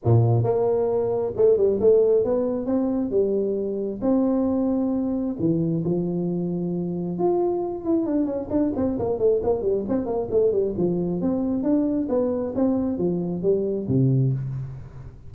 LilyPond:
\new Staff \with { instrumentName = "tuba" } { \time 4/4 \tempo 4 = 134 ais,4 ais2 a8 g8 | a4 b4 c'4 g4~ | g4 c'2. | e4 f2. |
f'4. e'8 d'8 cis'8 d'8 c'8 | ais8 a8 ais8 g8 c'8 ais8 a8 g8 | f4 c'4 d'4 b4 | c'4 f4 g4 c4 | }